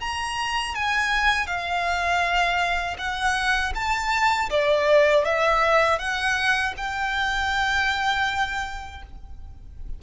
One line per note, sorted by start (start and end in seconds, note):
0.00 0.75 A#5
0.75 1.47 G#5
1.47 2.97 F5
2.98 3.73 F#5
3.75 4.50 A5
4.50 5.25 D5
5.25 5.99 E5
5.99 6.74 F#5
6.77 9.02 G5